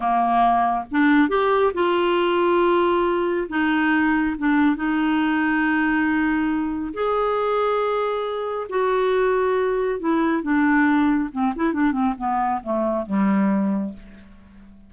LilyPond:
\new Staff \with { instrumentName = "clarinet" } { \time 4/4 \tempo 4 = 138 ais2 d'4 g'4 | f'1 | dis'2 d'4 dis'4~ | dis'1 |
gis'1 | fis'2. e'4 | d'2 c'8 e'8 d'8 c'8 | b4 a4 g2 | }